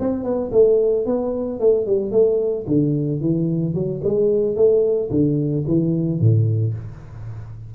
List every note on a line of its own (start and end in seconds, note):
0.00 0.24 C4
0.24 0.51 B3
0.52 1.06 A3
1.06 1.60 B3
1.60 1.86 A3
1.86 2.11 G3
2.11 2.65 A3
2.67 3.21 D3
3.21 3.74 E3
3.74 4.01 F#3
4.04 4.56 G#3
4.56 5.10 A3
5.11 5.65 D3
5.68 6.20 E3
6.20 6.74 A2